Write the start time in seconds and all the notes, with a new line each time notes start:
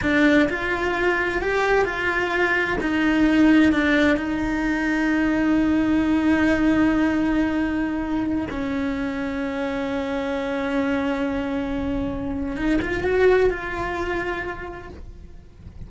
0.02 D4
0.49 F4
1.41 G4
1.84 F4
2.80 D#4
3.72 D4
4.16 D#4
8.50 C#4
12.56 D#4
12.81 F4
13.03 F#4
13.49 F4